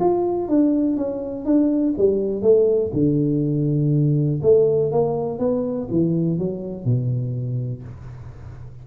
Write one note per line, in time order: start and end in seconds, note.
0.00 0.48 F4
0.48 0.97 D4
0.97 1.45 C#4
1.45 1.94 D4
1.97 2.42 G3
2.42 2.91 A3
2.93 4.41 D3
4.42 4.91 A3
4.91 5.39 A#3
5.39 5.88 B3
5.90 6.38 E3
6.38 6.85 F#3
6.85 7.83 B2